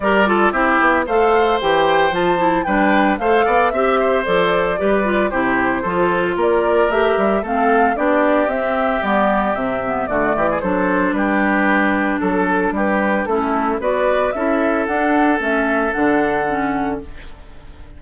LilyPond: <<
  \new Staff \with { instrumentName = "flute" } { \time 4/4 \tempo 4 = 113 d''4 e''4 f''4 g''4 | a''4 g''4 f''4 e''4 | d''2 c''2 | d''4 e''4 f''4 d''4 |
e''4 d''4 e''4 d''4 | c''4 b'2 a'4 | b'4 a'4 d''4 e''4 | fis''4 e''4 fis''2 | }
  \new Staff \with { instrumentName = "oboe" } { \time 4/4 ais'8 a'8 g'4 c''2~ | c''4 b'4 c''8 d''8 e''8 c''8~ | c''4 b'4 g'4 a'4 | ais'2 a'4 g'4~ |
g'2. fis'8 g'16 gis'16 | a'4 g'2 a'4 | g'4 e'4 b'4 a'4~ | a'1 | }
  \new Staff \with { instrumentName = "clarinet" } { \time 4/4 g'8 f'8 e'4 a'4 g'4 | f'8 e'8 d'4 a'4 g'4 | a'4 g'8 f'8 e'4 f'4~ | f'4 g'4 c'4 d'4 |
c'4 b4 c'8 b8 a4 | d'1~ | d'4 cis'4 fis'4 e'4 | d'4 cis'4 d'4 cis'4 | }
  \new Staff \with { instrumentName = "bassoon" } { \time 4/4 g4 c'8 b8 a4 e4 | f4 g4 a8 b8 c'4 | f4 g4 c4 f4 | ais4 a8 g8 a4 b4 |
c'4 g4 c4 d8 e8 | fis4 g2 fis4 | g4 a4 b4 cis'4 | d'4 a4 d2 | }
>>